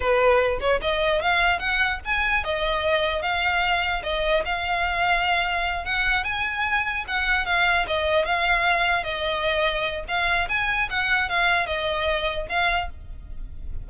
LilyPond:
\new Staff \with { instrumentName = "violin" } { \time 4/4 \tempo 4 = 149 b'4. cis''8 dis''4 f''4 | fis''4 gis''4 dis''2 | f''2 dis''4 f''4~ | f''2~ f''8 fis''4 gis''8~ |
gis''4. fis''4 f''4 dis''8~ | dis''8 f''2 dis''4.~ | dis''4 f''4 gis''4 fis''4 | f''4 dis''2 f''4 | }